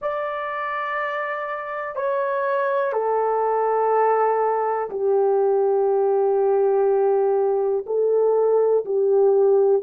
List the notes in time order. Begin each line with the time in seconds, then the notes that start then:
0.01 D5
1.95 C#5
2.92 A4
4.90 G4
7.86 A4
8.85 G4